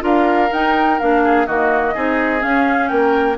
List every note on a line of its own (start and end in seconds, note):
0.00 0.51 D4
0.00 0.48 F4
0.00 1.23 A#4
0.00 0.53 F5
0.52 0.99 D#4
0.52 1.00 D#4
0.52 1.00 G5
1.00 1.48 A#3
1.00 1.47 D4
1.00 1.47 F5
1.24 1.47 G#4
1.47 1.96 D#3
1.47 1.95 A#3
1.47 1.94 F#4
1.47 2.43 D#5
1.94 2.44 C4
1.94 2.40 D#4
1.94 2.90 G#4
2.40 3.36 C#4
2.40 2.91 C#4
2.40 2.88 F5
2.88 3.38 A#3
2.88 3.38 A#4
2.88 3.36 G5